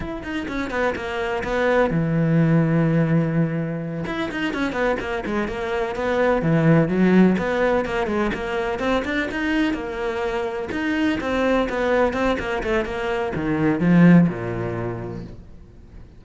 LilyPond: \new Staff \with { instrumentName = "cello" } { \time 4/4 \tempo 4 = 126 e'8 dis'8 cis'8 b8 ais4 b4 | e1~ | e8 e'8 dis'8 cis'8 b8 ais8 gis8 ais8~ | ais8 b4 e4 fis4 b8~ |
b8 ais8 gis8 ais4 c'8 d'8 dis'8~ | dis'8 ais2 dis'4 c'8~ | c'8 b4 c'8 ais8 a8 ais4 | dis4 f4 ais,2 | }